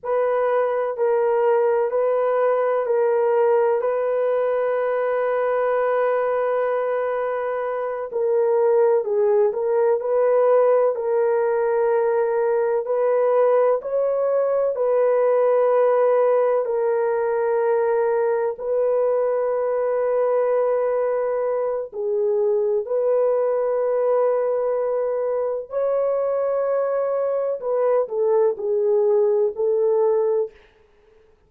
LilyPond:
\new Staff \with { instrumentName = "horn" } { \time 4/4 \tempo 4 = 63 b'4 ais'4 b'4 ais'4 | b'1~ | b'8 ais'4 gis'8 ais'8 b'4 ais'8~ | ais'4. b'4 cis''4 b'8~ |
b'4. ais'2 b'8~ | b'2. gis'4 | b'2. cis''4~ | cis''4 b'8 a'8 gis'4 a'4 | }